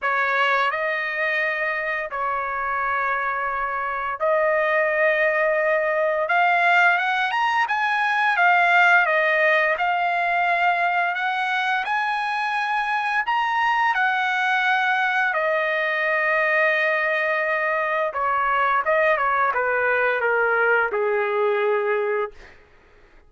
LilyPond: \new Staff \with { instrumentName = "trumpet" } { \time 4/4 \tempo 4 = 86 cis''4 dis''2 cis''4~ | cis''2 dis''2~ | dis''4 f''4 fis''8 ais''8 gis''4 | f''4 dis''4 f''2 |
fis''4 gis''2 ais''4 | fis''2 dis''2~ | dis''2 cis''4 dis''8 cis''8 | b'4 ais'4 gis'2 | }